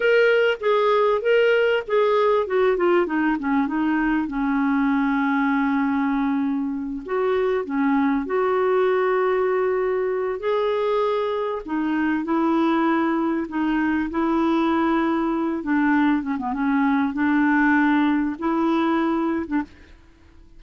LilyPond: \new Staff \with { instrumentName = "clarinet" } { \time 4/4 \tempo 4 = 98 ais'4 gis'4 ais'4 gis'4 | fis'8 f'8 dis'8 cis'8 dis'4 cis'4~ | cis'2.~ cis'8 fis'8~ | fis'8 cis'4 fis'2~ fis'8~ |
fis'4 gis'2 dis'4 | e'2 dis'4 e'4~ | e'4. d'4 cis'16 b16 cis'4 | d'2 e'4.~ e'16 d'16 | }